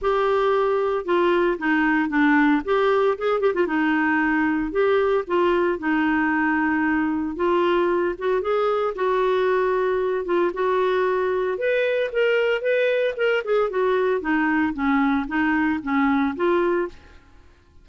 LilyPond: \new Staff \with { instrumentName = "clarinet" } { \time 4/4 \tempo 4 = 114 g'2 f'4 dis'4 | d'4 g'4 gis'8 g'16 f'16 dis'4~ | dis'4 g'4 f'4 dis'4~ | dis'2 f'4. fis'8 |
gis'4 fis'2~ fis'8 f'8 | fis'2 b'4 ais'4 | b'4 ais'8 gis'8 fis'4 dis'4 | cis'4 dis'4 cis'4 f'4 | }